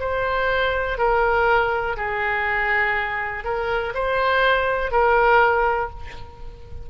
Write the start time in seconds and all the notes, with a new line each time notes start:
0.00 C5
0.98 A#4
1.97 G#4
3.45 A#4
3.94 C5
4.92 A#4